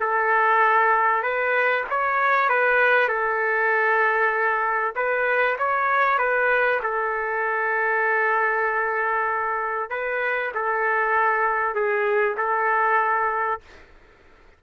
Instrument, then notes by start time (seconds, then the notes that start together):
trumpet
0.00 A4
1.23 B4
1.90 C#5
2.49 B4
3.08 A4
4.95 B4
5.58 C#5
6.18 B4
6.83 A4
9.90 B4
10.54 A4
11.75 G#4
12.37 A4